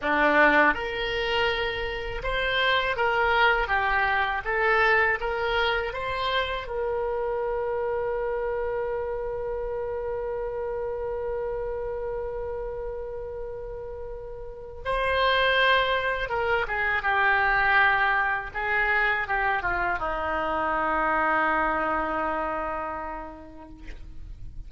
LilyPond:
\new Staff \with { instrumentName = "oboe" } { \time 4/4 \tempo 4 = 81 d'4 ais'2 c''4 | ais'4 g'4 a'4 ais'4 | c''4 ais'2.~ | ais'1~ |
ais'1 | c''2 ais'8 gis'8 g'4~ | g'4 gis'4 g'8 f'8 dis'4~ | dis'1 | }